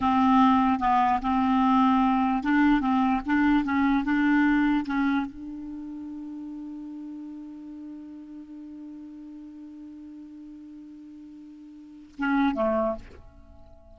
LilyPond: \new Staff \with { instrumentName = "clarinet" } { \time 4/4 \tempo 4 = 148 c'2 b4 c'4~ | c'2 d'4 c'4 | d'4 cis'4 d'2 | cis'4 d'2.~ |
d'1~ | d'1~ | d'1~ | d'2 cis'4 a4 | }